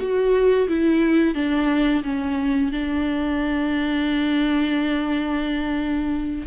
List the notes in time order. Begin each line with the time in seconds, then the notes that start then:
0.00 F#4
0.68 E4
1.35 D4
2.04 C#4
2.72 D4